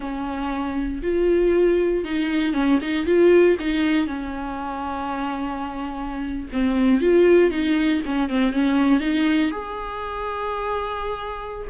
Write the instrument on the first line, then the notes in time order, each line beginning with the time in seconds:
viola
0.00 C#4
1.02 F4
2.04 D#4
2.53 C#4
2.81 D#4
3.05 F4
3.59 D#4
4.07 C#4
6.52 C4
7.00 F4
7.50 D#4
8.05 C#4
8.29 C4
8.52 C#4
9.00 D#4
9.51 G#4